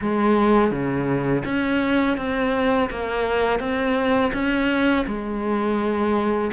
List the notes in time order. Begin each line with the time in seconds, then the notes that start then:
0.01 G#3
0.71 C#3
1.45 C#4
2.17 C4
2.90 A#3
3.59 C4
4.33 C#4
5.06 G#3